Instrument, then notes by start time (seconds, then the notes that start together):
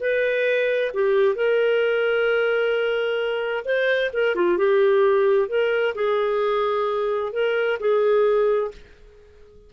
clarinet
0.00 B4
0.94 G4
1.35 A#4
3.65 C5
4.13 A#4
4.35 F4
4.58 G4
5.49 A#4
5.95 G#4
7.33 A#4
7.80 G#4